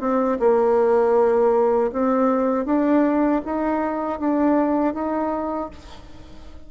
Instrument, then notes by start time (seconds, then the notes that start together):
bassoon
0.00 C4
0.39 A#3
1.92 C4
2.65 D4
3.45 D#4
4.19 D4
4.94 D#4